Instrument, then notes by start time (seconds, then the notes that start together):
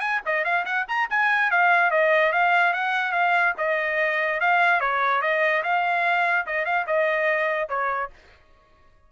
trumpet
0.00 G#5
0.26 D#5
0.44 F5
0.65 F#5
0.88 A#5
1.10 G#5
1.51 F5
1.91 D#5
2.33 F5
2.73 F#5
3.12 F5
3.58 D#5
4.40 F5
4.81 C#5
5.22 D#5
5.63 F5
6.46 D#5
6.65 F5
6.87 D#5
7.69 C#5